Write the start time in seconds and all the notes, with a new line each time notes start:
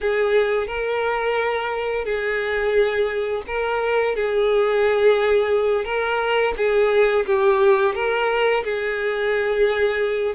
0.01 G#4
0.67 A#4
2.05 G#4
3.46 A#4
4.15 G#4
5.84 A#4
6.56 G#4
7.26 G4
7.94 A#4
8.64 G#4